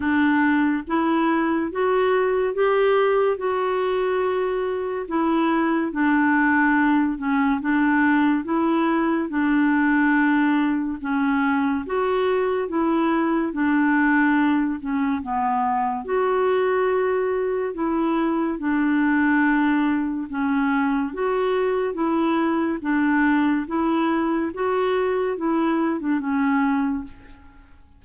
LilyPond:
\new Staff \with { instrumentName = "clarinet" } { \time 4/4 \tempo 4 = 71 d'4 e'4 fis'4 g'4 | fis'2 e'4 d'4~ | d'8 cis'8 d'4 e'4 d'4~ | d'4 cis'4 fis'4 e'4 |
d'4. cis'8 b4 fis'4~ | fis'4 e'4 d'2 | cis'4 fis'4 e'4 d'4 | e'4 fis'4 e'8. d'16 cis'4 | }